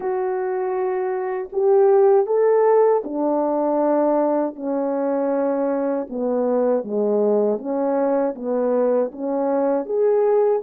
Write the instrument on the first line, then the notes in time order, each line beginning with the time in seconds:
horn
0.00 F#4
1.52 G4
2.26 A4
3.04 D4
4.55 C#4
6.09 B3
6.84 G#3
7.58 C#4
8.35 B3
9.11 C#4
9.85 G#4